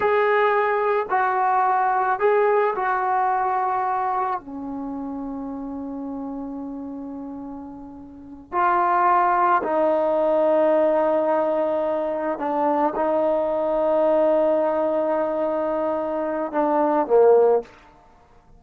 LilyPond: \new Staff \with { instrumentName = "trombone" } { \time 4/4 \tempo 4 = 109 gis'2 fis'2 | gis'4 fis'2. | cis'1~ | cis'2.~ cis'8 f'8~ |
f'4. dis'2~ dis'8~ | dis'2~ dis'8 d'4 dis'8~ | dis'1~ | dis'2 d'4 ais4 | }